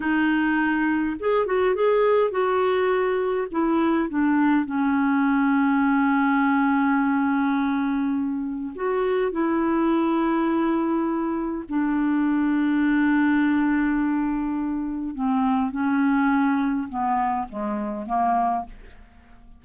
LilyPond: \new Staff \with { instrumentName = "clarinet" } { \time 4/4 \tempo 4 = 103 dis'2 gis'8 fis'8 gis'4 | fis'2 e'4 d'4 | cis'1~ | cis'2. fis'4 |
e'1 | d'1~ | d'2 c'4 cis'4~ | cis'4 b4 gis4 ais4 | }